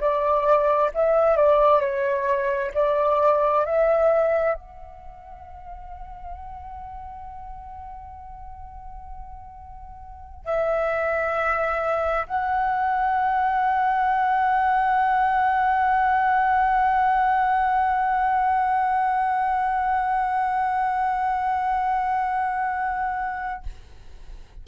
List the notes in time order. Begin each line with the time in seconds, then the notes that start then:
0.00 D5
0.94 E5
1.36 D5
1.81 C#5
2.74 D5
3.65 E5
4.54 F#5
10.45 E5
12.27 F#5